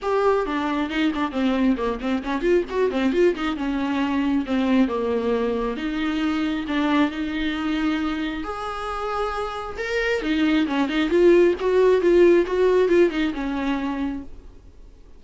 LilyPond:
\new Staff \with { instrumentName = "viola" } { \time 4/4 \tempo 4 = 135 g'4 d'4 dis'8 d'8 c'4 | ais8 c'8 cis'8 f'8 fis'8 c'8 f'8 dis'8 | cis'2 c'4 ais4~ | ais4 dis'2 d'4 |
dis'2. gis'4~ | gis'2 ais'4 dis'4 | cis'8 dis'8 f'4 fis'4 f'4 | fis'4 f'8 dis'8 cis'2 | }